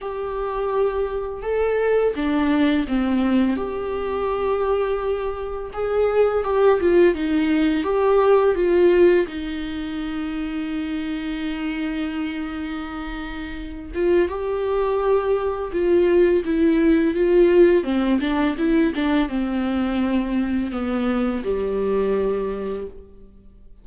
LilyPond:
\new Staff \with { instrumentName = "viola" } { \time 4/4 \tempo 4 = 84 g'2 a'4 d'4 | c'4 g'2. | gis'4 g'8 f'8 dis'4 g'4 | f'4 dis'2.~ |
dis'2.~ dis'8 f'8 | g'2 f'4 e'4 | f'4 c'8 d'8 e'8 d'8 c'4~ | c'4 b4 g2 | }